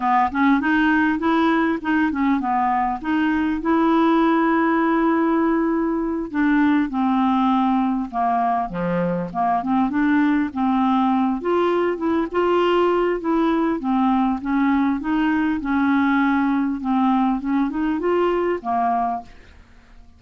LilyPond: \new Staff \with { instrumentName = "clarinet" } { \time 4/4 \tempo 4 = 100 b8 cis'8 dis'4 e'4 dis'8 cis'8 | b4 dis'4 e'2~ | e'2~ e'8 d'4 c'8~ | c'4. ais4 f4 ais8 |
c'8 d'4 c'4. f'4 | e'8 f'4. e'4 c'4 | cis'4 dis'4 cis'2 | c'4 cis'8 dis'8 f'4 ais4 | }